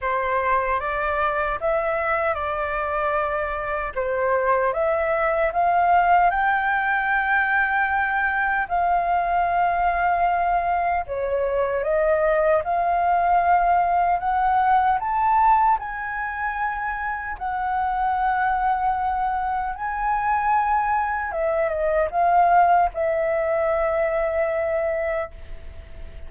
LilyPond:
\new Staff \with { instrumentName = "flute" } { \time 4/4 \tempo 4 = 76 c''4 d''4 e''4 d''4~ | d''4 c''4 e''4 f''4 | g''2. f''4~ | f''2 cis''4 dis''4 |
f''2 fis''4 a''4 | gis''2 fis''2~ | fis''4 gis''2 e''8 dis''8 | f''4 e''2. | }